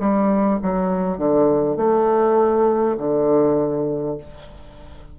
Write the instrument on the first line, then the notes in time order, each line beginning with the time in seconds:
bassoon
0.00 G3
0.63 F#3
1.18 D3
1.77 A3
2.98 D3